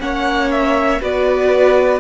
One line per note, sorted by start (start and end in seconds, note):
0.00 1.00 A#3
0.00 1.00 C#4
0.00 1.01 C#5
0.00 0.51 F#5
0.51 1.01 E5
1.01 2.00 B3
1.01 2.00 F#4
1.01 2.00 B4
1.01 2.00 D5